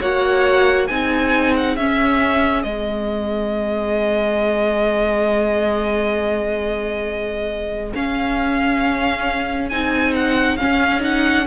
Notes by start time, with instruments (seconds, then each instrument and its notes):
0.00 cello A#3, viola F#4, violin C#5 F#5
0.87 cello C4, viola D#4, violin G#4 G#5
1.57 violin F#5
1.76 cello C#4, viola C#4, violin E5
2.63 cello G#3, viola C4, violin D#5
7.94 viola C#4, cello C#4, violin F5
9.69 cello C4, viola D#4, violin G#5
10.16 violin F#5
10.57 viola C#4, violin F5
10.64 cello C#4
11.00 viola D#4, violin F#5